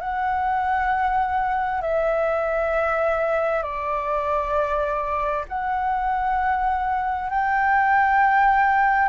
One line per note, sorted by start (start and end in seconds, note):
0.00 1.81 F#5
1.81 3.63 E5
3.63 5.45 D5
5.48 7.30 F#5
7.30 9.08 G5